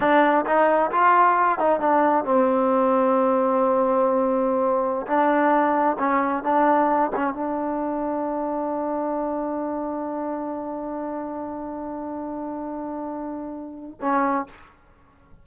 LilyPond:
\new Staff \with { instrumentName = "trombone" } { \time 4/4 \tempo 4 = 133 d'4 dis'4 f'4. dis'8 | d'4 c'2.~ | c'2.~ c'16 d'8.~ | d'4~ d'16 cis'4 d'4. cis'16~ |
cis'16 d'2.~ d'8.~ | d'1~ | d'1~ | d'2. cis'4 | }